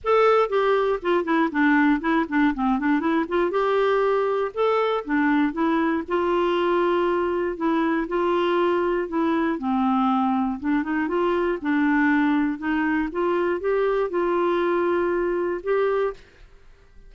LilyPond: \new Staff \with { instrumentName = "clarinet" } { \time 4/4 \tempo 4 = 119 a'4 g'4 f'8 e'8 d'4 | e'8 d'8 c'8 d'8 e'8 f'8 g'4~ | g'4 a'4 d'4 e'4 | f'2. e'4 |
f'2 e'4 c'4~ | c'4 d'8 dis'8 f'4 d'4~ | d'4 dis'4 f'4 g'4 | f'2. g'4 | }